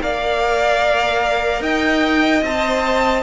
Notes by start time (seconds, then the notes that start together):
0.00 A#3 A#4 D5 F5
1.60 D#4 D#5 G5
2.42 C4 C5 A5